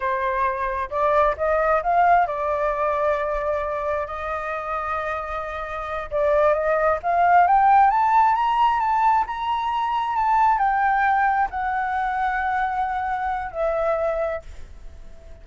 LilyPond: \new Staff \with { instrumentName = "flute" } { \time 4/4 \tempo 4 = 133 c''2 d''4 dis''4 | f''4 d''2.~ | d''4 dis''2.~ | dis''4. d''4 dis''4 f''8~ |
f''8 g''4 a''4 ais''4 a''8~ | a''8 ais''2 a''4 g''8~ | g''4. fis''2~ fis''8~ | fis''2 e''2 | }